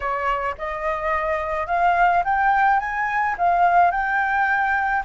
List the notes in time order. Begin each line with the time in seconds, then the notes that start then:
0.00 C#5
0.58 D#5
1.67 F5
2.24 G5
2.79 G#5
3.37 F5
3.91 G5